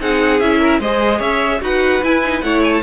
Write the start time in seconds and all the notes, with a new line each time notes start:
0.00 C4 D#4 G#4 F#5
0.39 C#4 E4 E5
0.59 A#4
0.79 G#3 G#4 C5 D#5
1.18 C#4 C#5 E5
1.60 D#4 F#4 B4 F#5
2.03 E4 G#5
2.25 D#4
2.41 A3 E4 C#5 F#5
2.64 G#5
2.73 A5